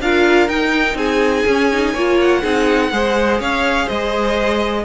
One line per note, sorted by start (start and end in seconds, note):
0.00 0.48 D4
0.00 0.49 F4
0.00 0.96 A#4
0.00 0.48 F5
0.48 0.94 D#4
0.48 1.45 D#4
0.48 0.97 G5
0.94 1.43 C4
0.94 1.93 G#4
0.94 2.18 G#5
1.46 1.94 C#4
1.46 1.72 C#4
1.72 1.96 D#4
1.93 2.42 A#3
1.93 2.42 F4
1.93 2.41 C#5
2.21 3.41 F#5
2.41 2.91 C4
2.41 2.90 D#4
2.41 2.89 G#4
2.91 3.39 G#3
2.91 4.84 G#4
2.91 3.40 C5
3.39 3.88 C#4
3.39 3.85 C#5
3.39 3.88 F5
3.85 4.84 G#3
3.85 4.82 C5
3.85 4.84 D#5